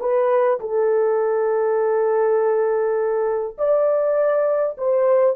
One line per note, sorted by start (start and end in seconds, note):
0.00 0.59 B4
0.60 3.57 A4
3.58 4.76 D5
4.77 5.36 C5